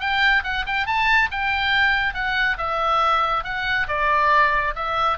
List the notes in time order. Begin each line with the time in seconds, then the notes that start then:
0.00 G5
0.44 F#5
0.67 G5
0.86 A5
1.31 G5
2.14 F#5
2.58 E5
3.44 F#5
3.88 D5
4.75 E5